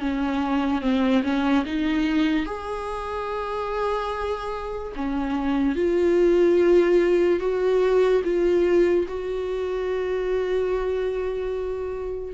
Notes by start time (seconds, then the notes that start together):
0.00 C#4
0.81 C4
1.24 C#4
1.66 D#4
2.46 G#4
4.96 C#4
5.75 F4
7.40 F#4
8.24 F4
9.08 F#4